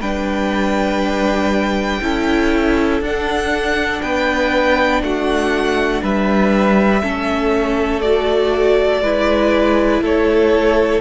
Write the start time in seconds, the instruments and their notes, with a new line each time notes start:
0.00 cello G3, viola D4, violin B4 G5
2.01 cello C#4, viola E4, violin A4
3.01 cello D4, viola D4, violin F#5
4.01 cello B3, violin B4 G5
5.02 cello A3, violin F#4 F#5
6.02 cello G3, violin B4 E5
7.01 cello A3, viola C#4, violin A4
8.01 viola F#4, violin D5
9.01 cello G#3, viola E4, violin B4
10.01 cello A3, violin A4 C#5